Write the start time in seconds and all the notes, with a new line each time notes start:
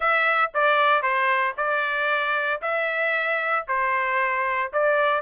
0.00 E5
0.54 D5
1.02 C5
1.57 D5
2.61 E5
3.67 C5
4.72 D5